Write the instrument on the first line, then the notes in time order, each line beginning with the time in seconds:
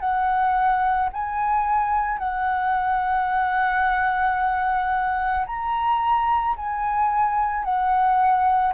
flute
0.00 F#5
1.13 G#5
2.19 F#5
5.47 A#5
6.57 G#5
7.64 F#5